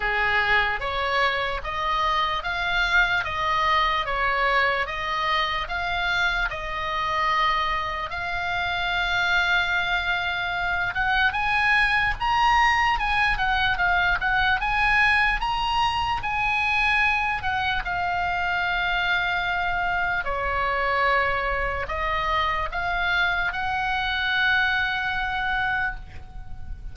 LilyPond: \new Staff \with { instrumentName = "oboe" } { \time 4/4 \tempo 4 = 74 gis'4 cis''4 dis''4 f''4 | dis''4 cis''4 dis''4 f''4 | dis''2 f''2~ | f''4. fis''8 gis''4 ais''4 |
gis''8 fis''8 f''8 fis''8 gis''4 ais''4 | gis''4. fis''8 f''2~ | f''4 cis''2 dis''4 | f''4 fis''2. | }